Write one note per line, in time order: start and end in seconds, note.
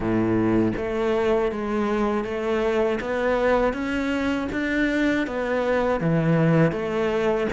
0.00 0.73 A2
0.76 1.51 A3
1.51 2.24 G#3
2.24 2.99 A3
3.00 3.73 B3
3.73 4.48 C#4
4.52 5.26 D4
5.26 6.00 B3
6.00 6.72 E3
6.72 7.47 A3